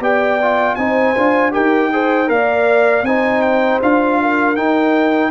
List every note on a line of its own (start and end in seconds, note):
0.00 0.76 B3
0.00 0.39 G4
0.00 0.78 D5
0.00 0.75 G5
0.42 0.78 F4
0.75 1.15 C4
0.75 1.16 D#4
0.75 1.53 C5
0.75 1.51 G#5
1.17 1.56 D4
1.17 1.52 F4
1.52 2.29 D#4
1.52 1.90 G4
1.52 1.91 A#4
1.52 2.29 G5
1.92 2.27 G#4
1.92 2.31 C5
2.27 3.03 A#3
2.27 3.03 A#4
2.27 3.07 D5
2.27 3.05 F5
3.03 3.79 C4
3.03 3.82 D#4
3.03 4.21 C5
3.03 3.42 G#5
3.42 3.80 G5
3.82 4.57 D4
3.82 4.57 F4
3.82 4.56 F5
4.22 5.31 A#4
4.56 5.31 D#4
4.56 5.31 G5